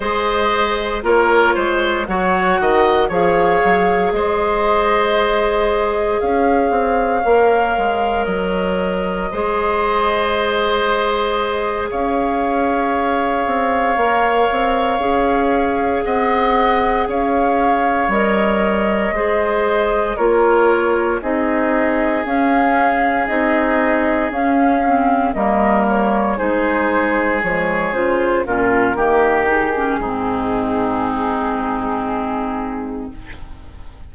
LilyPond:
<<
  \new Staff \with { instrumentName = "flute" } { \time 4/4 \tempo 4 = 58 dis''4 cis''4 fis''4 f''4 | dis''2 f''2 | dis''2.~ dis''8 f''8~ | f''2.~ f''8 fis''8~ |
fis''8 f''4 dis''2 cis''8~ | cis''8 dis''4 f''4 dis''4 f''8~ | f''8 dis''8 cis''8 c''4 cis''8 c''8 ais'8~ | ais'8 gis'2.~ gis'8 | }
  \new Staff \with { instrumentName = "oboe" } { \time 4/4 c''4 ais'8 c''8 cis''8 dis''8 cis''4 | c''2 cis''2~ | cis''4 c''2~ c''8 cis''8~ | cis''2.~ cis''8 dis''8~ |
dis''8 cis''2 c''4 ais'8~ | ais'8 gis'2.~ gis'8~ | gis'8 ais'4 gis'2 f'8 | g'4 dis'2. | }
  \new Staff \with { instrumentName = "clarinet" } { \time 4/4 gis'4 f'4 fis'4 gis'4~ | gis'2. ais'4~ | ais'4 gis'2.~ | gis'4. ais'4 gis'4.~ |
gis'4. ais'4 gis'4 f'8~ | f'8 dis'4 cis'4 dis'4 cis'8 | c'8 ais4 dis'4 gis8 f'8 cis'8 | ais8 dis'16 cis'16 c'2. | }
  \new Staff \with { instrumentName = "bassoon" } { \time 4/4 gis4 ais8 gis8 fis8 dis8 f8 fis8 | gis2 cis'8 c'8 ais8 gis8 | fis4 gis2~ gis8 cis'8~ | cis'4 c'8 ais8 c'8 cis'4 c'8~ |
c'8 cis'4 g4 gis4 ais8~ | ais8 c'4 cis'4 c'4 cis'8~ | cis'8 g4 gis4 f8 cis8 ais,8 | dis4 gis,2. | }
>>